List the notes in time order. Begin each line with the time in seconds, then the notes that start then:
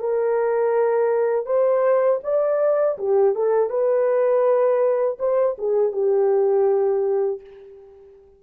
0.00 A#4
1.46 C5
2.24 D5
2.99 G4
3.35 A4
3.70 B4
5.20 C5
5.59 G#4
5.93 G4